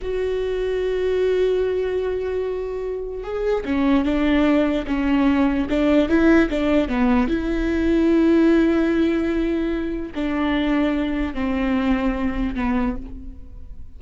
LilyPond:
\new Staff \with { instrumentName = "viola" } { \time 4/4 \tempo 4 = 148 fis'1~ | fis'1 | gis'4 cis'4 d'2 | cis'2 d'4 e'4 |
d'4 b4 e'2~ | e'1~ | e'4 d'2. | c'2. b4 | }